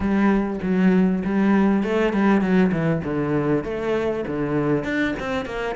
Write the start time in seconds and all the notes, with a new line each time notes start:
0.00 G3
0.62 F#3
1.25 G3
1.83 A3
2.13 G3
2.41 F#3
2.71 E3
3.04 D3
3.64 A3
4.26 D3
4.83 D4
5.19 C4
5.45 A#3